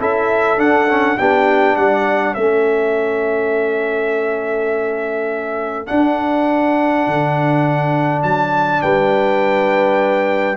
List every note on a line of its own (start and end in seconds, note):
0.00 0.58 C#4
0.00 0.57 E4
0.00 1.18 A4
0.00 0.60 E5
0.57 0.87 D4
0.57 1.17 D4
0.57 1.18 F#5
0.89 1.19 C#4
1.18 1.76 B3
1.18 2.37 D4
1.18 1.77 G4
1.18 1.76 G5
1.76 2.35 G3
1.76 2.35 D5
1.76 2.34 F#5
2.34 5.89 A3
2.34 5.87 C#4
2.34 8.82 A4
2.34 5.87 E5
5.87 10.57 D4
5.87 7.07 D4
5.87 8.22 F#5
7.07 8.24 D3
8.23 8.82 F#3
8.23 8.82 A5
8.82 10.57 G3
8.82 10.57 B4
8.82 10.57 G5